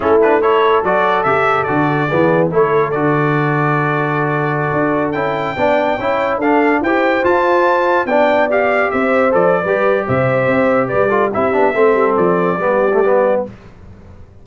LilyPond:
<<
  \new Staff \with { instrumentName = "trumpet" } { \time 4/4 \tempo 4 = 143 a'8 b'8 cis''4 d''4 e''4 | d''2 cis''4 d''4~ | d''1~ | d''16 g''2. f''8.~ |
f''16 g''4 a''2 g''8.~ | g''16 f''4 e''4 d''4.~ d''16 | e''2 d''4 e''4~ | e''4 d''2. | }
  \new Staff \with { instrumentName = "horn" } { \time 4/4 e'4 a'2.~ | a'4 gis'4 a'2~ | a'1~ | a'4~ a'16 d''4 cis''4 a'8.~ |
a'16 c''2. d''8.~ | d''4~ d''16 c''4.~ c''16 b'4 | c''2 b'8 a'8 g'4 | a'2 g'2 | }
  \new Staff \with { instrumentName = "trombone" } { \time 4/4 cis'8 d'8 e'4 fis'4 g'4 | fis'4 b4 e'4 fis'4~ | fis'1~ | fis'16 e'4 d'4 e'4 d'8.~ |
d'16 g'4 f'2 d'8.~ | d'16 g'2 a'8. g'4~ | g'2~ g'8 f'8 e'8 d'8 | c'2 b8. a16 b4 | }
  \new Staff \with { instrumentName = "tuba" } { \time 4/4 a2 fis4 cis4 | d4 e4 a4 d4~ | d2.~ d16 d'8.~ | d'16 cis'4 b4 cis'4 d'8.~ |
d'16 e'4 f'2 b8.~ | b4~ b16 c'4 f8. g4 | c4 c'4 g4 c'8 b8 | a8 g8 f4 g2 | }
>>